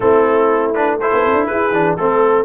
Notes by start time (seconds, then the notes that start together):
0.00 A3 C4 E4 A4
0.74 D4 B4
1.00 E4 A4 C5
1.13 B3
1.25 C4
1.33 D4
1.46 E4 G#4 B4
1.70 E3 D4
1.96 A3 C4 A4